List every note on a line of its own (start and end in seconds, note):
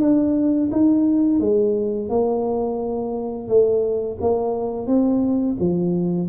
0.00 0.70 D4
0.71 1.40 D#4
1.40 2.09 G#3
2.09 3.48 A#3
3.48 4.17 A3
4.21 4.86 A#3
4.86 5.56 C4
5.59 6.29 F3